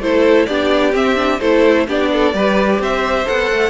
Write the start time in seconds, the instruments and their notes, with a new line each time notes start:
0.00 cello A3, viola E4, violin A4 C5
0.46 cello B3, viola D4, violin G4 D5
0.93 viola C4, cello C4, violin E5
1.16 viola D4
1.41 cello A3, viola E4, violin A4 C5
1.88 cello B3, viola D4, violin G4 D5
2.13 violin A4
2.34 cello G3, viola G4, violin B4
2.80 cello C4, violin C5 E5
3.26 cello B3, viola A4, violin F#5
3.52 cello A3